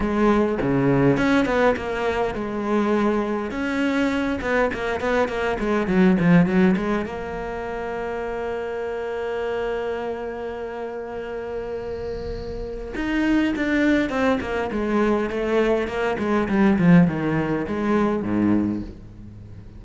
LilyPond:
\new Staff \with { instrumentName = "cello" } { \time 4/4 \tempo 4 = 102 gis4 cis4 cis'8 b8 ais4 | gis2 cis'4. b8 | ais8 b8 ais8 gis8 fis8 f8 fis8 gis8 | ais1~ |
ais1~ | ais2 dis'4 d'4 | c'8 ais8 gis4 a4 ais8 gis8 | g8 f8 dis4 gis4 gis,4 | }